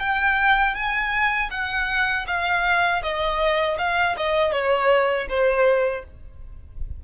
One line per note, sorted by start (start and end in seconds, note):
0.00 0.75 G5
0.75 1.50 G#5
1.51 2.26 F#5
2.27 3.02 F5
3.03 3.78 D#5
3.79 4.16 F5
4.17 4.53 D#5
4.53 5.28 C#5
5.29 6.04 C5